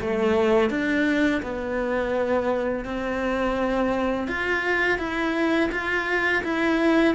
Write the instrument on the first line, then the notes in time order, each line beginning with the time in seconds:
cello
0.00 A3
0.70 D4
1.42 B3
2.84 C4
4.27 F4
4.98 E4
5.71 F4
6.43 E4